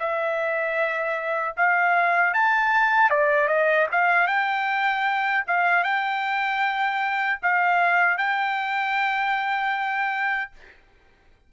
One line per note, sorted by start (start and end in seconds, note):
0.00 1.56 E5
1.57 2.34 F5
2.34 3.11 A5
3.11 3.48 D5
3.48 3.87 D#5
3.92 4.28 F5
4.28 5.45 G5
5.48 5.84 F5
5.84 7.40 G5
7.43 8.18 F5
8.18 10.52 G5